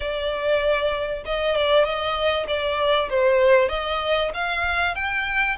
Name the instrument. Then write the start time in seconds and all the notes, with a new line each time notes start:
violin
0.00 D5
1.25 D#5
1.55 D5
1.84 D#5
2.47 D5
3.09 C5
3.68 D#5
4.34 F5
4.95 G5